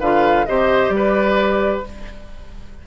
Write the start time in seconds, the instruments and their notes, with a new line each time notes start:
0.00 bassoon D3, clarinet F4, oboe B4, flute F5
0.45 bassoon C3, clarinet G4, oboe C5, flute D#5
0.89 bassoon G3, flute D5
0.96 oboe B4